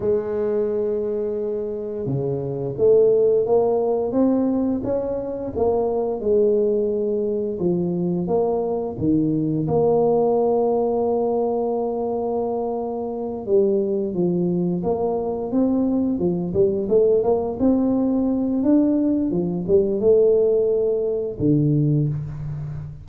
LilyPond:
\new Staff \with { instrumentName = "tuba" } { \time 4/4 \tempo 4 = 87 gis2. cis4 | a4 ais4 c'4 cis'4 | ais4 gis2 f4 | ais4 dis4 ais2~ |
ais2.~ ais8 g8~ | g8 f4 ais4 c'4 f8 | g8 a8 ais8 c'4. d'4 | f8 g8 a2 d4 | }